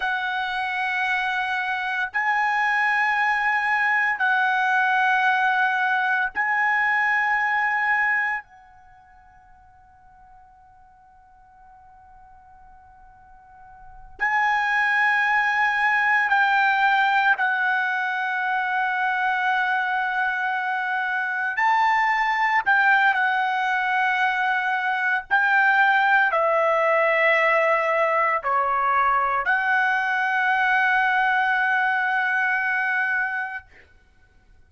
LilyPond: \new Staff \with { instrumentName = "trumpet" } { \time 4/4 \tempo 4 = 57 fis''2 gis''2 | fis''2 gis''2 | fis''1~ | fis''4. gis''2 g''8~ |
g''8 fis''2.~ fis''8~ | fis''8 a''4 g''8 fis''2 | g''4 e''2 cis''4 | fis''1 | }